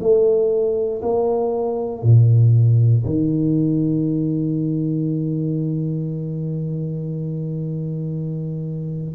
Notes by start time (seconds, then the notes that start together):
0.00 A3
1.02 A#3
2.03 A#2
3.06 D#3